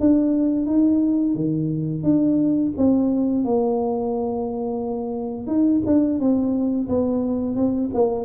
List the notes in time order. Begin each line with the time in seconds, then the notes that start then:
0.00 D4
0.66 D#4
1.35 D#3
2.03 D4
2.77 C4
3.44 A#3
5.47 D#4
5.86 D4
6.19 C4
6.89 B3
7.55 C4
7.94 A#3